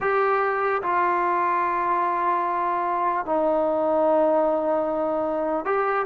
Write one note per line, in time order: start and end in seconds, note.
0.00 0.81 G4
0.82 3.25 F4
3.25 5.65 D#4
5.65 6.06 G4